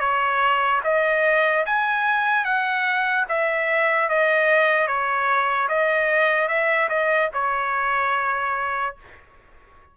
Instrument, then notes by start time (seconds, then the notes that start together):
trumpet
0.00 C#5
0.84 D#5
1.66 G#5
2.45 F#5
3.28 E5
4.09 D#5
4.87 C#5
5.69 D#5
6.48 E5
6.89 D#5
7.34 C#5